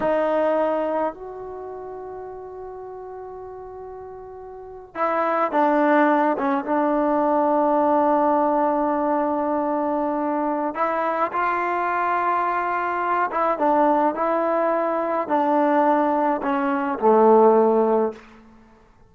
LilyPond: \new Staff \with { instrumentName = "trombone" } { \time 4/4 \tempo 4 = 106 dis'2 fis'2~ | fis'1~ | fis'8. e'4 d'4. cis'8 d'16~ | d'1~ |
d'2. e'4 | f'2.~ f'8 e'8 | d'4 e'2 d'4~ | d'4 cis'4 a2 | }